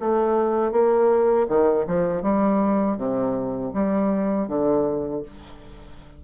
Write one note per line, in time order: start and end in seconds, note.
0.00 0.72 A3
0.72 1.47 A#3
1.48 1.86 D#3
1.88 2.23 F3
2.23 2.98 G3
2.98 3.73 C3
3.74 4.48 G3
4.48 5.23 D3